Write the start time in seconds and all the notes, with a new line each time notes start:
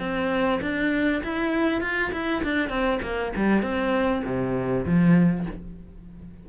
0.00 C4
0.62 D4
1.24 E4
1.82 F4
2.13 E4
2.44 D4
2.69 C4
3.02 A#3
3.37 G3
3.63 C4
4.25 C3
4.86 F3